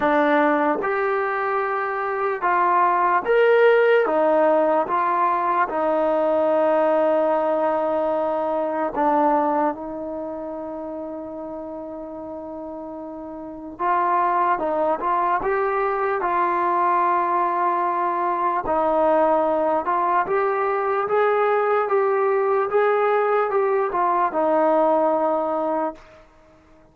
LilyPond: \new Staff \with { instrumentName = "trombone" } { \time 4/4 \tempo 4 = 74 d'4 g'2 f'4 | ais'4 dis'4 f'4 dis'4~ | dis'2. d'4 | dis'1~ |
dis'4 f'4 dis'8 f'8 g'4 | f'2. dis'4~ | dis'8 f'8 g'4 gis'4 g'4 | gis'4 g'8 f'8 dis'2 | }